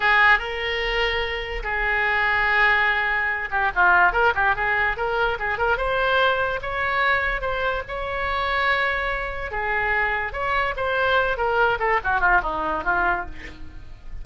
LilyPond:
\new Staff \with { instrumentName = "oboe" } { \time 4/4 \tempo 4 = 145 gis'4 ais'2. | gis'1~ | gis'8 g'8 f'4 ais'8 g'8 gis'4 | ais'4 gis'8 ais'8 c''2 |
cis''2 c''4 cis''4~ | cis''2. gis'4~ | gis'4 cis''4 c''4. ais'8~ | ais'8 a'8 fis'8 f'8 dis'4 f'4 | }